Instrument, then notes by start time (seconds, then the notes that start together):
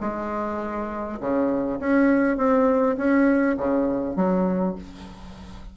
bassoon
0.00 G#3
1.20 C#3
1.80 C#4
2.37 C4
2.97 C#4
3.57 C#3
4.16 F#3